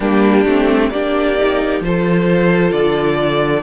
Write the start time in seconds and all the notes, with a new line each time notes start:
0.00 G3 A#3 D4 G4
0.45 A3 C4
0.90 A#3 D4 G4 D5
1.37 D#4
1.80 F3 F4 A4 C5
2.71 D3 D5